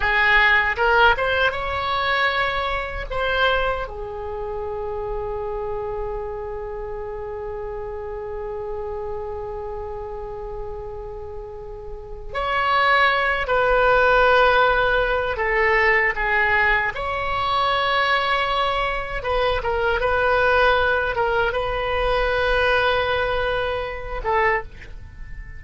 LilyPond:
\new Staff \with { instrumentName = "oboe" } { \time 4/4 \tempo 4 = 78 gis'4 ais'8 c''8 cis''2 | c''4 gis'2.~ | gis'1~ | gis'1 |
cis''4. b'2~ b'8 | a'4 gis'4 cis''2~ | cis''4 b'8 ais'8 b'4. ais'8 | b'2.~ b'8 a'8 | }